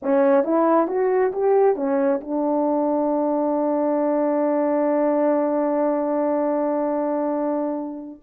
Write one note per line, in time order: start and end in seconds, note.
0.02 0.43 C#4
0.43 0.87 E4
0.87 1.32 F#4
1.32 1.76 G4
1.76 2.20 C#4
2.20 8.20 D4